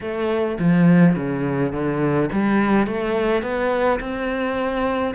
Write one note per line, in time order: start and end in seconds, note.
0.01 0.58 A3
0.58 1.15 F3
1.15 1.72 C#3
1.72 2.29 D3
2.32 2.86 G3
2.86 3.42 A3
3.42 3.99 B3
4.00 5.14 C4